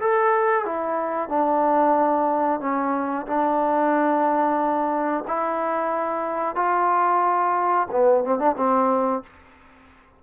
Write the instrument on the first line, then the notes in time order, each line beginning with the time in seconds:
trombone
0.00 A4
0.65 E4
1.29 D4
2.60 C#4
3.26 D4
5.27 E4
6.55 F4
7.91 B3
8.24 C4
8.39 D4
8.57 C4